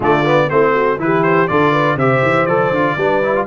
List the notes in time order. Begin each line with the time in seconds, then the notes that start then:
0.00 D3 A3 F4 D5
0.24 B3
0.49 A3 C4 E4 C5
0.74 F#4
0.99 E3 E4 G4 B4
1.22 C5
1.47 D3 F4 A4 D5
1.71 B4
1.96 C3 G4 C5 E5
2.22 E3
2.45 F3 A4 D5
2.70 D3 F4
2.96 G3 D4 B4
3.22 E4
3.35 F4